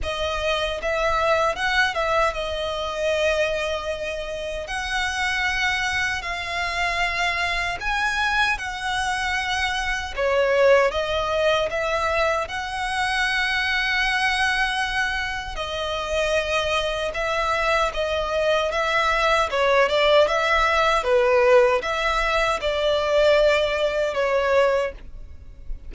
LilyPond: \new Staff \with { instrumentName = "violin" } { \time 4/4 \tempo 4 = 77 dis''4 e''4 fis''8 e''8 dis''4~ | dis''2 fis''2 | f''2 gis''4 fis''4~ | fis''4 cis''4 dis''4 e''4 |
fis''1 | dis''2 e''4 dis''4 | e''4 cis''8 d''8 e''4 b'4 | e''4 d''2 cis''4 | }